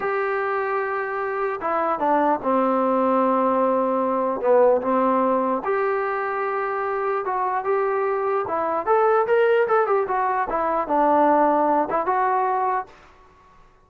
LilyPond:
\new Staff \with { instrumentName = "trombone" } { \time 4/4 \tempo 4 = 149 g'1 | e'4 d'4 c'2~ | c'2. b4 | c'2 g'2~ |
g'2 fis'4 g'4~ | g'4 e'4 a'4 ais'4 | a'8 g'8 fis'4 e'4 d'4~ | d'4. e'8 fis'2 | }